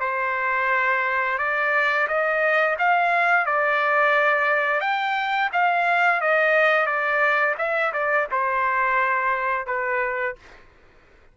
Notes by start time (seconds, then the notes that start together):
0.00 C5
1.38 D5
2.08 D#5
2.78 F5
3.46 D5
4.81 G5
5.53 F5
6.21 D#5
6.86 D5
7.58 E5
7.93 D5
8.31 C5
9.67 B4